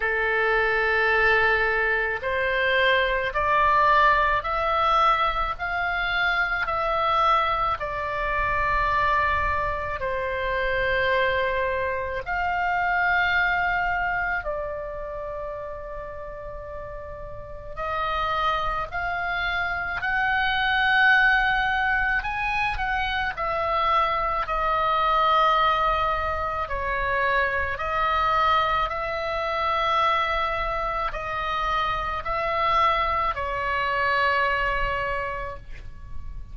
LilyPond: \new Staff \with { instrumentName = "oboe" } { \time 4/4 \tempo 4 = 54 a'2 c''4 d''4 | e''4 f''4 e''4 d''4~ | d''4 c''2 f''4~ | f''4 d''2. |
dis''4 f''4 fis''2 | gis''8 fis''8 e''4 dis''2 | cis''4 dis''4 e''2 | dis''4 e''4 cis''2 | }